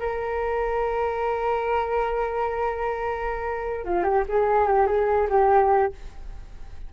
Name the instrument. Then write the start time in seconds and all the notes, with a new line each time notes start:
flute
0.00 A#4
3.85 F4
4.04 G4
4.29 G#4
4.68 G4
4.87 G#4
5.30 G4